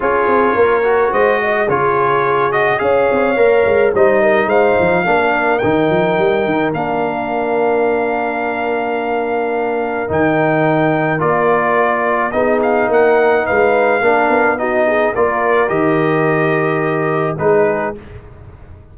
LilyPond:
<<
  \new Staff \with { instrumentName = "trumpet" } { \time 4/4 \tempo 4 = 107 cis''2 dis''4 cis''4~ | cis''8 dis''8 f''2 dis''4 | f''2 g''2 | f''1~ |
f''2 g''2 | d''2 dis''8 f''8 fis''4 | f''2 dis''4 d''4 | dis''2. b'4 | }
  \new Staff \with { instrumentName = "horn" } { \time 4/4 gis'4 ais'4 c''8 dis''8 gis'4~ | gis'4 cis''2 c''8 ais'8 | c''4 ais'2.~ | ais'1~ |
ais'1~ | ais'2 gis'4 ais'4 | b'4 ais'4 fis'8 gis'8 ais'4~ | ais'2. gis'4 | }
  \new Staff \with { instrumentName = "trombone" } { \time 4/4 f'4. fis'4. f'4~ | f'8 fis'8 gis'4 ais'4 dis'4~ | dis'4 d'4 dis'2 | d'1~ |
d'2 dis'2 | f'2 dis'2~ | dis'4 d'4 dis'4 f'4 | g'2. dis'4 | }
  \new Staff \with { instrumentName = "tuba" } { \time 4/4 cis'8 c'8 ais4 gis4 cis4~ | cis4 cis'8 c'8 ais8 gis8 g4 | gis8 f8 ais4 dis8 f8 g8 dis8 | ais1~ |
ais2 dis2 | ais2 b4 ais4 | gis4 ais8 b4. ais4 | dis2. gis4 | }
>>